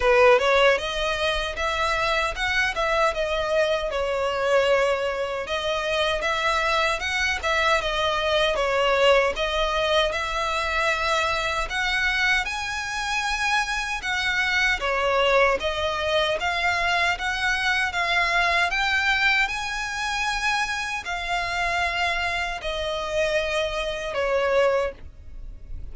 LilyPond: \new Staff \with { instrumentName = "violin" } { \time 4/4 \tempo 4 = 77 b'8 cis''8 dis''4 e''4 fis''8 e''8 | dis''4 cis''2 dis''4 | e''4 fis''8 e''8 dis''4 cis''4 | dis''4 e''2 fis''4 |
gis''2 fis''4 cis''4 | dis''4 f''4 fis''4 f''4 | g''4 gis''2 f''4~ | f''4 dis''2 cis''4 | }